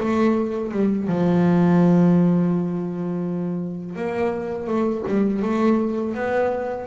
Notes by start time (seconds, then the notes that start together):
0.00 A3
0.72 G3
1.08 F3
3.96 A#3
4.68 A3
5.08 G3
5.42 A3
6.15 B3